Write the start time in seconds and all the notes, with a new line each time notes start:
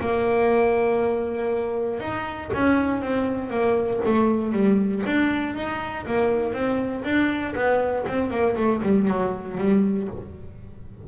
0.00 A#3
2.00 D#4
2.53 C#4
3.01 C4
3.50 A#3
4.05 A3
4.52 G3
5.06 D4
5.55 D#4
6.05 A#3
6.53 C4
7.04 D4
7.55 B3
8.08 C4
8.30 A#3
8.56 A3
8.82 G3
9.07 F#3
9.57 G3